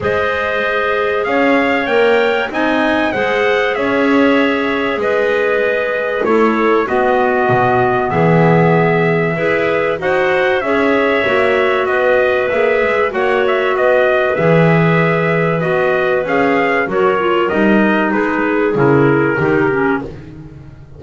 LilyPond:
<<
  \new Staff \with { instrumentName = "trumpet" } { \time 4/4 \tempo 4 = 96 dis''2 f''4 g''4 | gis''4 fis''4 e''2 | dis''2 cis''4 dis''4~ | dis''4 e''2. |
fis''4 e''2 dis''4 | e''4 fis''8 e''8 dis''4 e''4~ | e''4 dis''4 f''4 cis''4 | dis''4 b'4 ais'2 | }
  \new Staff \with { instrumentName = "clarinet" } { \time 4/4 c''2 cis''2 | dis''4 c''4 cis''2 | b'2 a'4 fis'4~ | fis'4 gis'2 b'4 |
c''4 cis''2 b'4~ | b'4 cis''4 b'2~ | b'2. ais'4~ | ais'4 gis'2 g'4 | }
  \new Staff \with { instrumentName = "clarinet" } { \time 4/4 gis'2. ais'4 | dis'4 gis'2.~ | gis'2 e'4 b4~ | b2. gis'4 |
fis'4 gis'4 fis'2 | gis'4 fis'2 gis'4~ | gis'4 fis'4 gis'4 fis'8 f'8 | dis'2 e'4 dis'8 cis'8 | }
  \new Staff \with { instrumentName = "double bass" } { \time 4/4 gis2 cis'4 ais4 | c'4 gis4 cis'2 | gis2 a4 b4 | b,4 e2 e'4 |
dis'4 cis'4 ais4 b4 | ais8 gis8 ais4 b4 e4~ | e4 b4 cis'4 fis4 | g4 gis4 cis4 dis4 | }
>>